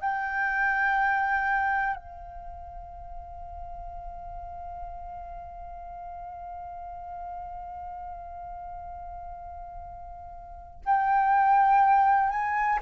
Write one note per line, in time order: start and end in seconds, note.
0.00 1.95 G5
1.95 10.81 F5
10.85 12.30 G5
12.30 12.79 G#5